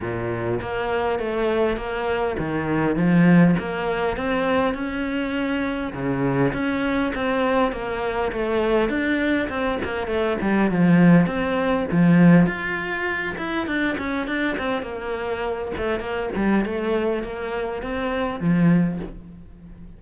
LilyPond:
\new Staff \with { instrumentName = "cello" } { \time 4/4 \tempo 4 = 101 ais,4 ais4 a4 ais4 | dis4 f4 ais4 c'4 | cis'2 cis4 cis'4 | c'4 ais4 a4 d'4 |
c'8 ais8 a8 g8 f4 c'4 | f4 f'4. e'8 d'8 cis'8 | d'8 c'8 ais4. a8 ais8 g8 | a4 ais4 c'4 f4 | }